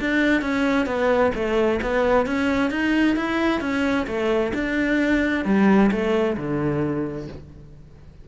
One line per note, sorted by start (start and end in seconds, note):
0.00 0.41 D4
0.41 0.86 C#4
0.86 1.32 B3
1.35 1.80 A3
1.82 2.26 B3
2.26 2.71 C#4
2.71 3.16 D#4
3.16 3.61 E4
3.61 4.06 C#4
4.07 4.52 A3
4.54 5.45 D4
5.45 5.90 G3
5.91 6.37 A3
6.37 7.28 D3